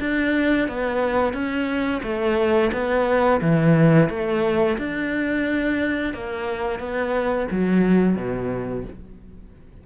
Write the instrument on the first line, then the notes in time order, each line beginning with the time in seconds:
cello
0.00 D4
0.68 B3
1.33 C#4
2.03 A3
2.72 B3
3.41 E3
4.09 A3
4.78 D4
6.14 A#3
6.79 B3
7.51 F#3
8.16 B2